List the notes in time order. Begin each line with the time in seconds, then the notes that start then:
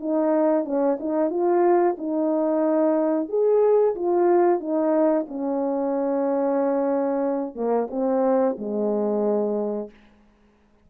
0.00 D#4
0.65 C#4
1.00 D#4
1.30 F4
1.98 D#4
3.29 G#4
3.95 F4
4.60 D#4
5.28 C#4
7.55 A#3
7.91 C4
8.58 G#3